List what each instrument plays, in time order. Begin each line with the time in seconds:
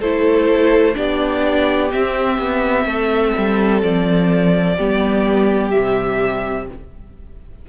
0.00 cello A3, viola E4, violin A4 C5
0.94 cello B3, viola D4, violin G4 D5
1.91 viola C4, cello C4, violin E5
2.38 cello B3
2.85 cello A3, violin A4
3.38 cello G3
3.82 cello F3, violin D5
4.77 cello G3, viola B3, violin G4
5.71 cello C3, viola G3, violin E5